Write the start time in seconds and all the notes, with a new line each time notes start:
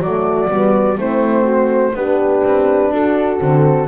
0.00 F#3 A3 F#4 D5
0.49 G3 B3
0.96 A3 C4 E4 C5
1.43 F#4
1.94 B3 D4 G4 B4
2.43 C4
2.91 D4 F#4 A4
3.40 D3 C4